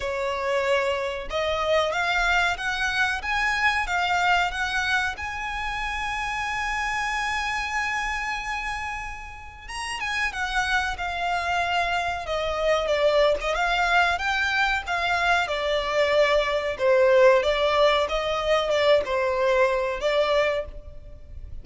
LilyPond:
\new Staff \with { instrumentName = "violin" } { \time 4/4 \tempo 4 = 93 cis''2 dis''4 f''4 | fis''4 gis''4 f''4 fis''4 | gis''1~ | gis''2. ais''8 gis''8 |
fis''4 f''2 dis''4 | d''8. dis''16 f''4 g''4 f''4 | d''2 c''4 d''4 | dis''4 d''8 c''4. d''4 | }